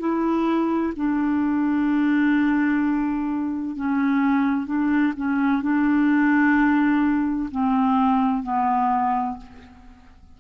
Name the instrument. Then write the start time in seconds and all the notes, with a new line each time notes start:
clarinet
0.00 E4
0.97 D4
3.77 C#4
4.67 D4
5.17 C#4
5.62 D4
7.51 C4
8.44 B3